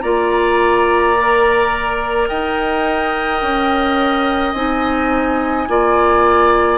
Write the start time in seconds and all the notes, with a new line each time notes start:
0.00 A#3 F4 D5 A#5
1.17 A#4
2.28 D#4 D#5 G5
3.42 C#4
4.53 C4 D#4 G#5
5.68 A#3 F4 D5